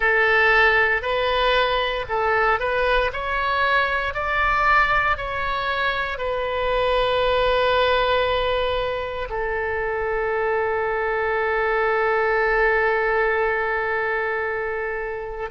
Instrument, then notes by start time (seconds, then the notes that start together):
oboe
0.00 A4
1.02 B4
2.08 A4
2.59 B4
3.13 C#5
4.14 D5
5.17 C#5
6.18 B4
9.29 A4